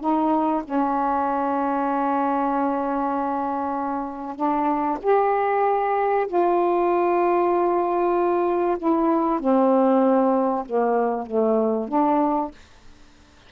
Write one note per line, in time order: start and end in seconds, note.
0.00 0.62 D#4
0.64 4.36 C#4
4.36 4.98 D4
5.02 6.27 G4
6.27 8.77 F4
8.78 9.39 E4
9.39 10.64 C4
10.65 11.26 A#3
11.26 11.88 A3
11.88 12.51 D4